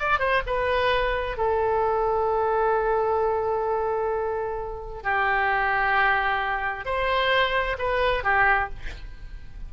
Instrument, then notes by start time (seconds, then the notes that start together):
oboe
0.00 D5
0.20 C5
0.47 B4
1.37 A4
5.04 G4
6.86 C5
7.79 B4
8.24 G4